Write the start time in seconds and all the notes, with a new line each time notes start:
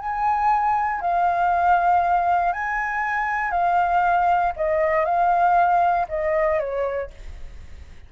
0.00 G#5
1.01 F5
2.53 G#5
3.51 F5
4.57 D#5
5.05 F5
6.09 D#5
6.60 C#5